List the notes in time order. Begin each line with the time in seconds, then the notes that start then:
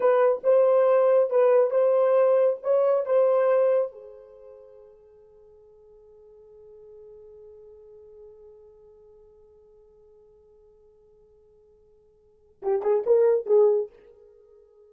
0.00 B4
0.43 C5
1.30 B4
1.70 C5
2.62 C#5
3.05 C5
3.92 G#4
12.62 G4
12.82 G#4
13.06 A#4
13.46 G#4